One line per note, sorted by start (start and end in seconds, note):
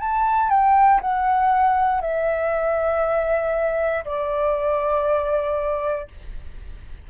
0.00 0.49 A5
0.49 1.00 G5
1.01 2.01 F#5
2.01 4.04 E5
4.04 6.08 D5